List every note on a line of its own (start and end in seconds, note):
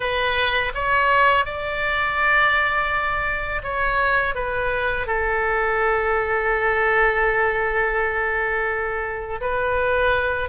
0.00 0.72 B4
0.74 1.45 C#5
1.45 3.61 D5
3.63 4.34 C#5
4.34 5.06 B4
5.06 9.40 A4
9.40 10.49 B4